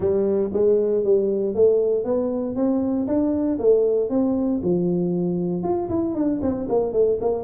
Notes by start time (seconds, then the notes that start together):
0.00 G3
0.53 G#3
1.04 G3
1.54 A3
2.04 B3
2.55 C4
3.07 D4
3.59 A3
4.09 C4
4.62 F3
5.63 F4
5.89 E4
6.14 D4
6.42 C4
6.68 A#3
6.92 A3
7.21 A#3